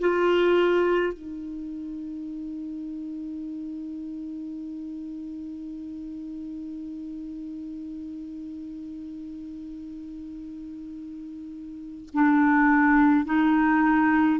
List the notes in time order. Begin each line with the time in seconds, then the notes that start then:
0.00 F4
1.14 D#4
12.14 D4
13.25 D#4